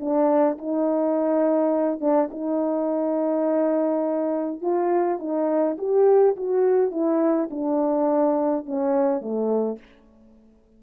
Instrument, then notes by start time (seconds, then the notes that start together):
horn
0.00 D4
0.58 D#4
2.00 D4
2.31 D#4
4.61 F4
5.19 D#4
5.78 G4
6.36 F#4
6.91 E4
7.50 D4
8.65 C#4
9.21 A3